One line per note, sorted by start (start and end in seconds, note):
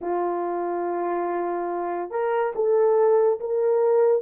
0.01 2.10 F4
2.10 2.52 A#4
2.55 3.39 A4
3.40 4.22 A#4